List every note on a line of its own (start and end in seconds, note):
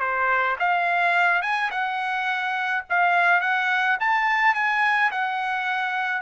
0.00 0.57 C5
0.59 1.42 F5
1.42 1.71 G#5
1.71 2.84 F#5
2.90 3.41 F5
3.41 3.98 F#5
4.00 4.54 A5
4.54 5.11 G#5
5.11 6.22 F#5